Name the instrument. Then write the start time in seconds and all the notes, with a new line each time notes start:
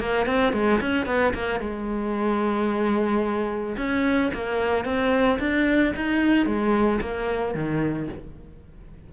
cello
0.00 A#3
0.26 C4
0.53 G#3
0.81 C#4
1.06 B3
1.34 A#3
1.60 G#3
3.77 C#4
4.34 A#3
4.85 C4
5.39 D4
5.96 D#4
6.46 G#3
7.01 A#3
7.55 D#3